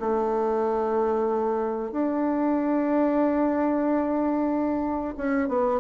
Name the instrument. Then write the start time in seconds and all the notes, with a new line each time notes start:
bassoon
0.00 A3
1.91 D4
5.17 C#4
5.48 B3